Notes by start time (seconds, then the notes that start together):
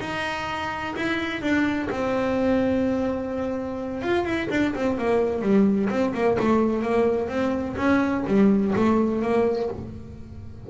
0.00 D#4
0.96 E4
1.42 D4
1.90 C4
4.02 F4
4.25 E4
4.51 D4
4.75 C4
4.98 A#3
5.42 G3
5.90 C4
6.14 A#3
6.39 A3
6.82 A#3
7.29 C4
7.77 C#4
8.27 G3
8.76 A3
9.22 A#3